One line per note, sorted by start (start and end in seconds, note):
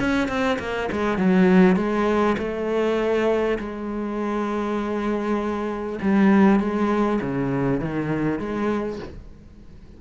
0.00 0.29 C#4
0.29 0.59 C4
0.59 0.89 A#3
0.92 1.18 G#3
1.18 1.77 F#3
1.77 2.37 G#3
2.38 3.58 A3
3.59 5.99 G#3
6.02 6.60 G3
6.60 7.20 G#3
7.22 7.81 C#3
7.81 8.39 D#3
8.39 8.99 G#3